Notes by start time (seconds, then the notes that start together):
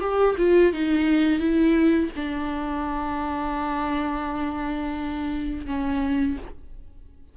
0.00 G4
0.38 F4
0.73 D#4
1.39 E4
2.15 D4
5.66 C#4